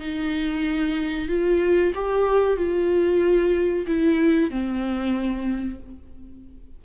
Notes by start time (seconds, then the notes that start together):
0.00 D#4
1.28 F4
1.95 G4
2.57 F4
3.87 E4
4.51 C4